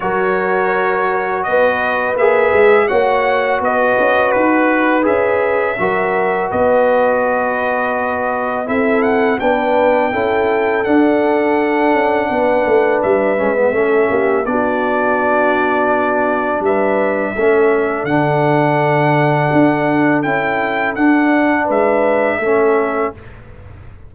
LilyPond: <<
  \new Staff \with { instrumentName = "trumpet" } { \time 4/4 \tempo 4 = 83 cis''2 dis''4 e''4 | fis''4 dis''4 b'4 e''4~ | e''4 dis''2. | e''8 fis''8 g''2 fis''4~ |
fis''2 e''2 | d''2. e''4~ | e''4 fis''2. | g''4 fis''4 e''2 | }
  \new Staff \with { instrumentName = "horn" } { \time 4/4 ais'2 b'2 | cis''4 b'2. | ais'4 b'2. | a'4 b'4 a'2~ |
a'4 b'2 a'8 g'8 | fis'2. b'4 | a'1~ | a'2 b'4 a'4 | }
  \new Staff \with { instrumentName = "trombone" } { \time 4/4 fis'2. gis'4 | fis'2. gis'4 | fis'1 | e'4 d'4 e'4 d'4~ |
d'2~ d'8 cis'16 b16 cis'4 | d'1 | cis'4 d'2. | e'4 d'2 cis'4 | }
  \new Staff \with { instrumentName = "tuba" } { \time 4/4 fis2 b4 ais8 gis8 | ais4 b8 cis'8 dis'4 cis'4 | fis4 b2. | c'4 b4 cis'4 d'4~ |
d'8 cis'8 b8 a8 g8 gis8 a8 ais8 | b2. g4 | a4 d2 d'4 | cis'4 d'4 gis4 a4 | }
>>